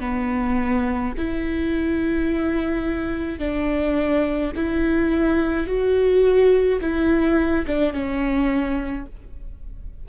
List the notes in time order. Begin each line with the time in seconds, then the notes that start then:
0.00 B3
1.18 E4
3.39 D4
4.56 E4
5.67 F#4
6.81 E4
7.67 D4
7.93 C#4